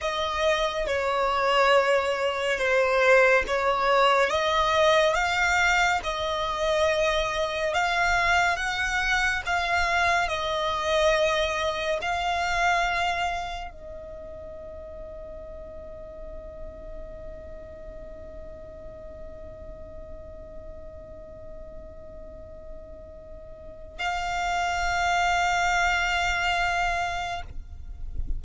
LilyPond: \new Staff \with { instrumentName = "violin" } { \time 4/4 \tempo 4 = 70 dis''4 cis''2 c''4 | cis''4 dis''4 f''4 dis''4~ | dis''4 f''4 fis''4 f''4 | dis''2 f''2 |
dis''1~ | dis''1~ | dis''1 | f''1 | }